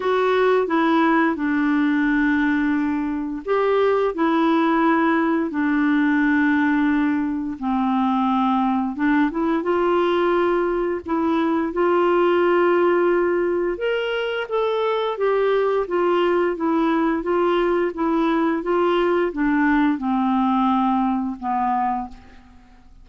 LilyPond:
\new Staff \with { instrumentName = "clarinet" } { \time 4/4 \tempo 4 = 87 fis'4 e'4 d'2~ | d'4 g'4 e'2 | d'2. c'4~ | c'4 d'8 e'8 f'2 |
e'4 f'2. | ais'4 a'4 g'4 f'4 | e'4 f'4 e'4 f'4 | d'4 c'2 b4 | }